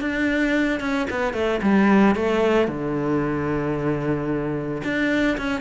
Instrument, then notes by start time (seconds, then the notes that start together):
cello
0.00 D4
0.80 C#4
1.10 B3
1.33 A3
1.62 G3
2.15 A3
2.67 D3
4.84 D4
5.37 C#4